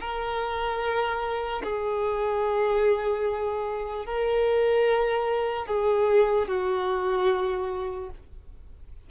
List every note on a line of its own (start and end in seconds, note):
0.00 1.62 A#4
1.63 4.05 G#4
4.05 5.66 A#4
5.66 6.48 G#4
6.48 8.10 F#4